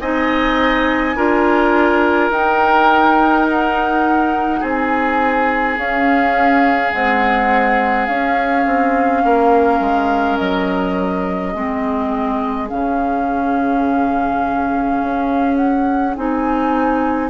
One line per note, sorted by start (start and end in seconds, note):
0.00 1.16 C4
0.00 1.16 D#4
0.00 1.16 D#5
0.00 2.31 G#5
1.16 2.30 D4
1.16 2.32 F4
1.16 4.60 A#4
2.30 4.61 D#4
2.30 5.77 D#4
2.30 3.48 G5
3.48 4.62 F#5
4.60 5.78 C4
4.60 9.22 G#4
4.60 5.78 G#5
5.77 6.91 C#4
5.77 6.93 C#4
5.77 6.91 F5
6.91 8.06 G#3
6.91 8.08 C4
6.91 8.07 F#5
8.07 8.66 C#4
8.07 11.55 C#4
8.07 10.37 F5
8.66 9.24 C4
9.25 9.80 A#3
9.25 11.52 A#4
9.80 10.38 G#3
10.37 11.55 F#3
10.37 12.68 D#5
11.52 12.70 G#3
11.52 12.69 C4
11.52 17.29 G#4
12.69 15.02 C#3
12.69 16.15 C#4
12.69 15.57 F5
15.02 16.17 C#4
15.57 16.14 F#5
16.16 17.30 C4
16.16 17.30 D#4
16.16 17.30 G#5